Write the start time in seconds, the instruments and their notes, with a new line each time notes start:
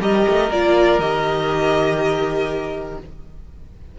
0.00 cello G3, viola G4, violin A#4 D#5
0.28 cello A3
0.50 cello A#3, viola F4, violin D5
0.99 cello D#3, viola G4, violin D#5